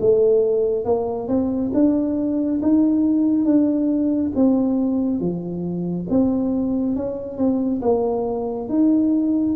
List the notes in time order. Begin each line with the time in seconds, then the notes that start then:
0.00 A3
0.85 A#3
1.28 C4
1.74 D4
2.62 D#4
3.45 D4
4.35 C4
5.20 F3
6.10 C4
6.96 C#4
7.38 C4
7.82 A#3
8.69 D#4